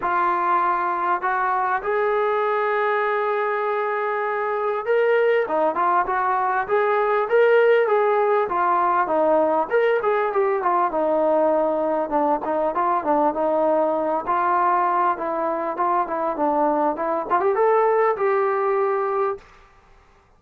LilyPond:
\new Staff \with { instrumentName = "trombone" } { \time 4/4 \tempo 4 = 99 f'2 fis'4 gis'4~ | gis'1 | ais'4 dis'8 f'8 fis'4 gis'4 | ais'4 gis'4 f'4 dis'4 |
ais'8 gis'8 g'8 f'8 dis'2 | d'8 dis'8 f'8 d'8 dis'4. f'8~ | f'4 e'4 f'8 e'8 d'4 | e'8 f'16 g'16 a'4 g'2 | }